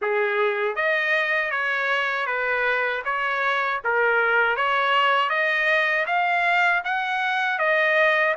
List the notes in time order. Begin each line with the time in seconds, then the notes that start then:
0.01 G#4
0.75 D#5
1.51 C#5
2.26 B4
3.04 C#5
3.84 A#4
4.56 C#5
5.29 D#5
6.06 F5
6.84 F#5
7.58 D#5